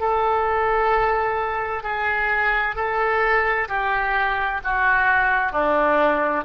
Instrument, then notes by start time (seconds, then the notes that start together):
oboe
0.00 A4
1.83 G#4
2.75 A4
3.68 G4
4.64 F#4
5.52 D4